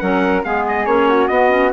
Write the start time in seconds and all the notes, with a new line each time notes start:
0.00 F#3 C#4 A#4 F#5
0.44 G#3 B3 G#4 F5
0.68 D#5
0.86 A#3 C#4 C#5
1.09 F#4
1.28 B3 D#5
1.50 C#4